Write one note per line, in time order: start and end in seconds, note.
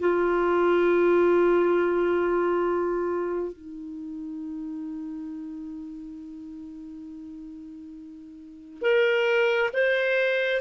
0.00 3.53 F4
3.53 8.82 D#4
8.82 9.71 A#4
9.74 10.62 C5